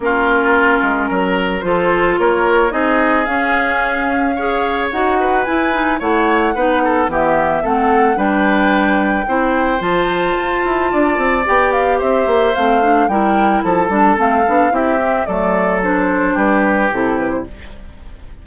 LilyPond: <<
  \new Staff \with { instrumentName = "flute" } { \time 4/4 \tempo 4 = 110 ais'2. c''4 | cis''4 dis''4 f''2~ | f''4 fis''4 gis''4 fis''4~ | fis''4 e''4 fis''4 g''4~ |
g''2 a''2~ | a''4 g''8 f''8 e''4 f''4 | g''4 a''4 f''4 e''4 | d''4 c''4 b'4 a'8 b'16 c''16 | }
  \new Staff \with { instrumentName = "oboe" } { \time 4/4 f'2 ais'4 a'4 | ais'4 gis'2. | cis''4. b'4. cis''4 | b'8 a'8 g'4 a'4 b'4~ |
b'4 c''2. | d''2 c''2 | ais'4 a'2 g'4 | a'2 g'2 | }
  \new Staff \with { instrumentName = "clarinet" } { \time 4/4 cis'2. f'4~ | f'4 dis'4 cis'2 | gis'4 fis'4 e'8 dis'8 e'4 | dis'4 b4 c'4 d'4~ |
d'4 e'4 f'2~ | f'4 g'2 c'8 d'8 | e'4. d'8 c'8 d'8 e'8 c'8 | a4 d'2 e'4 | }
  \new Staff \with { instrumentName = "bassoon" } { \time 4/4 ais4. gis8 fis4 f4 | ais4 c'4 cis'2~ | cis'4 dis'4 e'4 a4 | b4 e4 a4 g4~ |
g4 c'4 f4 f'8 e'8 | d'8 c'8 b4 c'8 ais8 a4 | g4 f8 g8 a8 b8 c'4 | fis2 g4 c4 | }
>>